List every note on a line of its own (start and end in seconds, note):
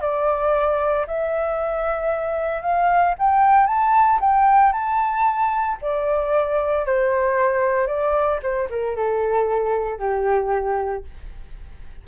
0.00 1.05 D5
1.07 2.62 E5
2.62 3.14 F5
3.18 3.66 G5
3.66 4.19 A5
4.20 4.72 G5
4.72 5.78 A5
5.81 6.85 D5
6.85 7.87 C5
7.87 8.39 D5
8.42 8.68 C5
8.70 8.96 A#4
8.96 9.99 A4
9.99 11.04 G4